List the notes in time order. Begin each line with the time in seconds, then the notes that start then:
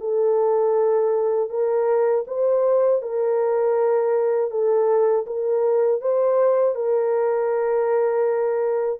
0.00 A4
1.50 A#4
2.27 C5
3.02 A#4
4.51 A4
5.26 A#4
6.01 C5
6.75 A#4